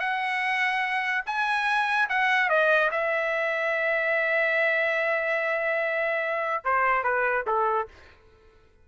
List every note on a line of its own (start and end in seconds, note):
0.00 1.24 F#5
1.26 2.09 G#5
2.09 2.49 F#5
2.49 2.90 D#5
2.91 6.63 E5
6.64 7.03 C5
7.03 7.45 B4
7.47 7.88 A4